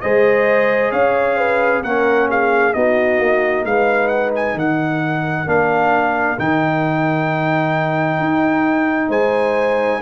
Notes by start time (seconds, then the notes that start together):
0.00 G#3 G#4 C5 D#5
0.91 C#4 C#5 F5
1.37 B4
1.82 A#3 C#4 A#4 F#5
2.30 G#4 F5
2.73 B3 D#4 F#4 D#5
3.19 A#3
3.64 G#3 B4 F5
4.07 F#5
4.35 G#5
4.54 D#3 A#4 F#5
5.46 A#3 D4 F5
6.38 D#3 D#4 G5
8.19 D#4
9.08 G#3 C5 G#5